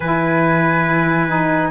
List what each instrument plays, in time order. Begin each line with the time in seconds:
0.00 cello E3, saxophone E4, trumpet B4, flute G#5
1.27 saxophone D#4